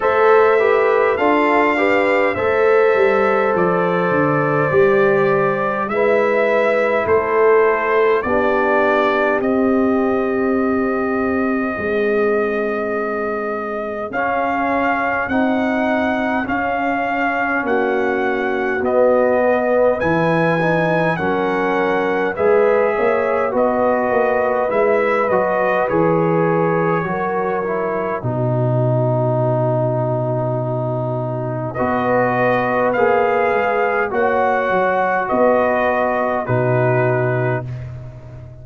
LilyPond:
<<
  \new Staff \with { instrumentName = "trumpet" } { \time 4/4 \tempo 4 = 51 e''4 f''4 e''4 d''4~ | d''4 e''4 c''4 d''4 | dis''1 | f''4 fis''4 f''4 fis''4 |
dis''4 gis''4 fis''4 e''4 | dis''4 e''8 dis''8 cis''2 | b'2. dis''4 | f''4 fis''4 dis''4 b'4 | }
  \new Staff \with { instrumentName = "horn" } { \time 4/4 c''8 b'8 a'8 b'8 c''2~ | c''4 b'4 a'4 g'4~ | g'2 gis'2~ | gis'2. fis'4~ |
fis'8 b'4. ais'4 b'8 cis''8 | b'2. ais'4 | fis'2. b'4~ | b'4 cis''4 b'4 fis'4 | }
  \new Staff \with { instrumentName = "trombone" } { \time 4/4 a'8 g'8 f'8 g'8 a'2 | g'4 e'2 d'4 | c'1 | cis'4 dis'4 cis'2 |
b4 e'8 dis'8 cis'4 gis'4 | fis'4 e'8 fis'8 gis'4 fis'8 e'8 | dis'2. fis'4 | gis'4 fis'2 dis'4 | }
  \new Staff \with { instrumentName = "tuba" } { \time 4/4 a4 d'4 a8 g8 f8 d8 | g4 gis4 a4 b4 | c'2 gis2 | cis'4 c'4 cis'4 ais4 |
b4 e4 fis4 gis8 ais8 | b8 ais8 gis8 fis8 e4 fis4 | b,2. b4 | ais8 gis8 ais8 fis8 b4 b,4 | }
>>